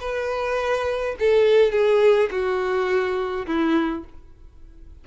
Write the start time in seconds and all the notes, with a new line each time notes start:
0.00 B4
1.19 A4
1.72 G#4
2.31 F#4
3.46 E4